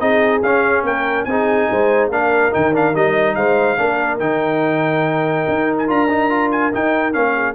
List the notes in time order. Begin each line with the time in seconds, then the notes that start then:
0.00 C4 D#4 G#4 D#5
0.43 C#4 F5
0.83 A#3 A#4 G5
1.25 C4 D#4 G#4 G#5
1.71 G#3 C5
2.09 A#3 D4 A#4 F5
2.51 D#3 D#4 G5
2.73 D4 F5
2.94 G3 D#4 D#5
3.35 G#3 C5 F5
3.78 A#3 D4 A#4
4.19 D#3 D#4 G5
5.49 D#4
5.78 G#5
5.88 D4 F4 A#5
6.10 D#4
6.30 F4
6.51 G#5
6.72 D#4 G5
7.13 A#3 C#4 F5
7.35 G#4